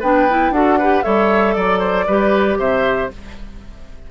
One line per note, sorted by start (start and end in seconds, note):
0.00 0.51 B3
0.00 0.29 D4
0.00 0.51 B4
0.00 0.53 G5
0.29 0.54 E4
0.51 1.02 D4
0.51 0.79 F#4
0.51 0.78 A4
0.51 1.02 F#5
0.78 1.04 G4
0.78 1.04 B4
1.02 1.56 G3
1.02 2.06 A4
1.02 1.55 C#5
1.02 1.54 E5
1.54 2.07 F#3
1.54 2.56 D5
1.54 1.79 D5
1.79 2.05 C5
2.07 2.58 G3
2.07 3.11 G4
2.07 2.58 B4
2.58 3.09 C3
2.58 3.10 C5
2.58 3.10 E5